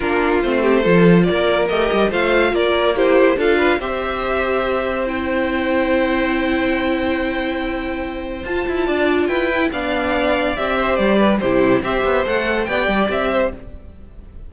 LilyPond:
<<
  \new Staff \with { instrumentName = "violin" } { \time 4/4 \tempo 4 = 142 ais'4 c''2 d''4 | dis''4 f''4 d''4 c''4 | f''4 e''2. | g''1~ |
g''1 | a''2 g''4 f''4~ | f''4 e''4 d''4 c''4 | e''4 fis''4 g''4 e''4 | }
  \new Staff \with { instrumentName = "violin" } { \time 4/4 f'4. g'8 a'4 ais'4~ | ais'4 c''4 ais'4 g'4 | a'8 b'8 c''2.~ | c''1~ |
c''1~ | c''4 d''4 b'4 d''4~ | d''4. c''4 b'8 g'4 | c''2 d''4. c''8 | }
  \new Staff \with { instrumentName = "viola" } { \time 4/4 d'4 c'4 f'2 | g'4 f'2 e'4 | f'4 g'2. | e'1~ |
e'1 | f'2~ f'8 e'8 d'4~ | d'4 g'2 e'4 | g'4 a'4 g'2 | }
  \new Staff \with { instrumentName = "cello" } { \time 4/4 ais4 a4 f4 ais4 | a8 g8 a4 ais2 | d'4 c'2.~ | c'1~ |
c'1 | f'8 e'8 d'4 e'4 b4~ | b4 c'4 g4 c4 | c'8 b8 a4 b8 g8 c'4 | }
>>